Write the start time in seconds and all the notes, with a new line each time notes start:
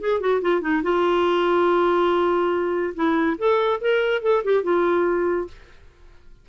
0.00 G#4
0.20 F#4
0.41 F4
0.61 D#4
0.82 F4
2.94 E4
3.38 A4
3.81 A#4
4.22 A4
4.44 G4
4.63 F4